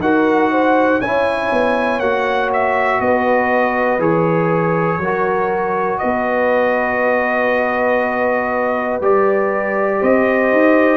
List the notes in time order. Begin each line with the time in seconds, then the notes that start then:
0.00 D#4 F#4 A#4 F#5
0.52 C5
1.01 C#4 E4 C#5 G#5
1.53 B3
2.00 A#3 F#4 F#5
2.54 E5
3.01 B3 B4 D#5
3.99 E3 G#4 C#5
4.99 F#3 F#4 A#4
5.99 B3 B4 D#5
9.01 G3 G4 D5
10.00 C4 C5 D#5
10.52 D#4